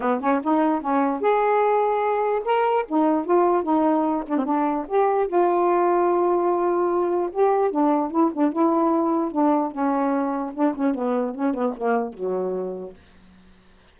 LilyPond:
\new Staff \with { instrumentName = "saxophone" } { \time 4/4 \tempo 4 = 148 b8 cis'8 dis'4 cis'4 gis'4~ | gis'2 ais'4 dis'4 | f'4 dis'4. d'16 c'16 d'4 | g'4 f'2.~ |
f'2 g'4 d'4 | e'8 d'8 e'2 d'4 | cis'2 d'8 cis'8 b4 | cis'8 b8 ais4 fis2 | }